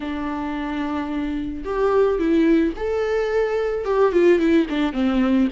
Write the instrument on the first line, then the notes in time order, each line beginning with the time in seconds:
viola
0.00 D4
1.64 G4
2.18 E4
2.76 A4
3.84 G4
4.12 F4
4.39 E4
4.69 D4
4.93 C4